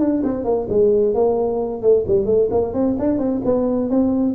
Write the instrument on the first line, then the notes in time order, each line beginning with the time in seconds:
tuba
0.00 D4
0.24 C4
0.45 A#3
0.69 G#3
1.15 A#3
1.82 A3
2.07 G3
2.26 A3
2.51 A#3
2.74 C4
2.99 D4
3.19 C4
3.45 B3
3.90 C4